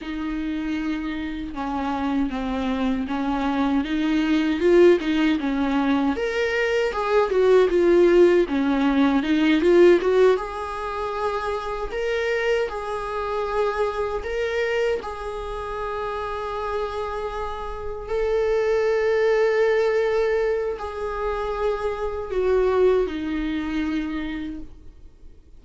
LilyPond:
\new Staff \with { instrumentName = "viola" } { \time 4/4 \tempo 4 = 78 dis'2 cis'4 c'4 | cis'4 dis'4 f'8 dis'8 cis'4 | ais'4 gis'8 fis'8 f'4 cis'4 | dis'8 f'8 fis'8 gis'2 ais'8~ |
ais'8 gis'2 ais'4 gis'8~ | gis'2.~ gis'8 a'8~ | a'2. gis'4~ | gis'4 fis'4 dis'2 | }